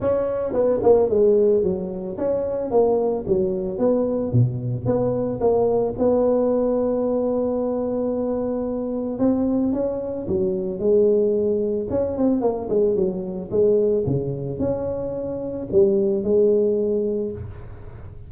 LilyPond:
\new Staff \with { instrumentName = "tuba" } { \time 4/4 \tempo 4 = 111 cis'4 b8 ais8 gis4 fis4 | cis'4 ais4 fis4 b4 | b,4 b4 ais4 b4~ | b1~ |
b4 c'4 cis'4 fis4 | gis2 cis'8 c'8 ais8 gis8 | fis4 gis4 cis4 cis'4~ | cis'4 g4 gis2 | }